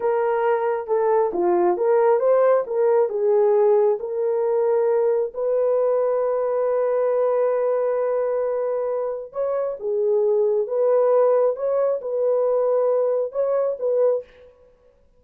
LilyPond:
\new Staff \with { instrumentName = "horn" } { \time 4/4 \tempo 4 = 135 ais'2 a'4 f'4 | ais'4 c''4 ais'4 gis'4~ | gis'4 ais'2. | b'1~ |
b'1~ | b'4 cis''4 gis'2 | b'2 cis''4 b'4~ | b'2 cis''4 b'4 | }